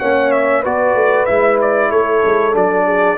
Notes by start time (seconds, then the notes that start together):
0.00 A#3 C#4 C#5 F#5
0.32 E5
0.61 B3 F#4 B4 D5
0.95 A3
1.26 G#3 E4 E5
1.62 D5
1.91 A3 A4 C#5
2.25 G#3
2.53 F#3 D4 D5
2.86 G#4